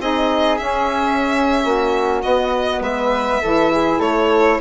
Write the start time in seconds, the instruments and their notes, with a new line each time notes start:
0.00 bassoon C4, saxophone D#4, flute G#4, violin D#5
0.57 saxophone C#4, bassoon C#4, violin E5
1.64 bassoon A#3, flute F#4
2.23 saxophone B3, bassoon B3, violin D#5
2.80 bassoon G#3, flute B4, violin E5
3.41 bassoon E3, saxophone E4, flute A4
3.71 flute G#4
3.99 bassoon A3, flute A4, violin C#5